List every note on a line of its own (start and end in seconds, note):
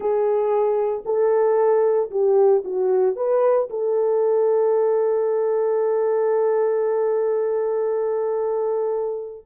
0.00 1.03 G#4
1.05 2.10 A4
2.10 2.63 G4
2.64 3.16 F#4
3.16 3.68 B4
3.69 9.45 A4